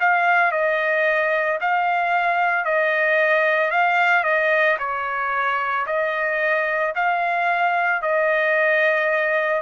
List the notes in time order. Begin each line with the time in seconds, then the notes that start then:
0.00 F5
0.52 D#5
1.61 F5
2.65 D#5
3.71 F5
4.24 D#5
4.79 C#5
5.86 D#5
6.95 F5
8.02 D#5